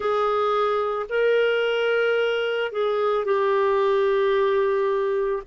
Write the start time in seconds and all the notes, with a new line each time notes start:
0.00 G#4
1.09 A#4
2.72 G#4
3.24 G4